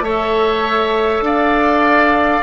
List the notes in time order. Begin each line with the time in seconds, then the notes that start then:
0.00 A3 A4 C#5 E5
1.20 D4 D5 F5